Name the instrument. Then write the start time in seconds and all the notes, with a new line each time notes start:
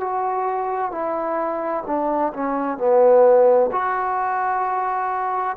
trombone
0.00 F#4
0.91 E4
1.86 D4
2.33 C#4
2.77 B3
3.72 F#4